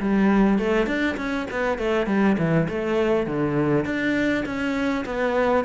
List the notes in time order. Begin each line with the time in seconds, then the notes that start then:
0.00 G3
0.59 A3
0.86 D4
1.17 C#4
1.51 B3
1.78 A3
2.07 G3
2.38 E3
2.68 A3
3.26 D3
3.85 D4
4.45 C#4
5.05 B3